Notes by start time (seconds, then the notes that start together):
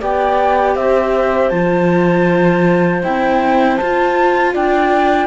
0.00 B3 G4 D5 G5
0.74 C4 C5 E5
1.49 F3 F4 A5
3.02 C4 E4 G5
3.76 F4 A5
4.53 D4 D5 G5